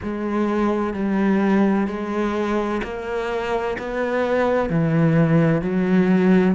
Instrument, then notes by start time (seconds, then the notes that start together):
cello
0.03 G#3
0.93 G3
1.87 G#3
2.83 A#3
3.78 B3
4.69 E3
5.61 F#3